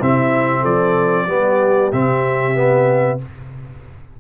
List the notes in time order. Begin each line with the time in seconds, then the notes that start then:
0.00 C3 C4 E4 E5
0.61 F3 A4 D5
1.27 G3 B3 G4
1.92 C3 C4 E5
2.54 B3